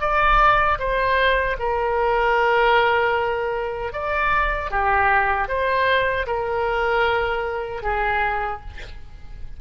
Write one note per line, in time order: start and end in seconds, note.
0.00 0.78 D5
0.79 1.57 C5
1.59 3.92 A#4
3.92 4.70 D5
4.70 5.48 G4
5.48 6.26 C5
6.27 7.82 A#4
7.82 8.60 G#4